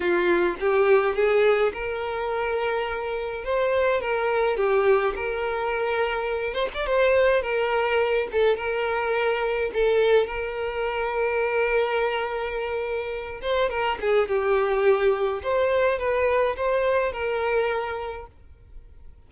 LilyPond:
\new Staff \with { instrumentName = "violin" } { \time 4/4 \tempo 4 = 105 f'4 g'4 gis'4 ais'4~ | ais'2 c''4 ais'4 | g'4 ais'2~ ais'8 c''16 d''16 | c''4 ais'4. a'8 ais'4~ |
ais'4 a'4 ais'2~ | ais'2.~ ais'8 c''8 | ais'8 gis'8 g'2 c''4 | b'4 c''4 ais'2 | }